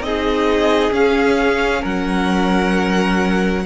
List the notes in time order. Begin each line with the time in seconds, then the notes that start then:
0.00 C4 D#4 G#4 D#5
0.92 C#4 F5
1.82 F#3 A#4 F#5